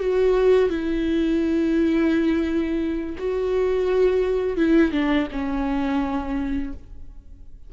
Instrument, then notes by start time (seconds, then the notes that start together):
viola
0.00 F#4
0.70 E4
3.18 F#4
4.57 E4
4.92 D4
5.32 C#4